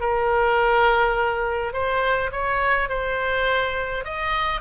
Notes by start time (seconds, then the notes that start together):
0.00 A#4
1.73 C5
2.32 C#5
2.89 C5
4.04 D#5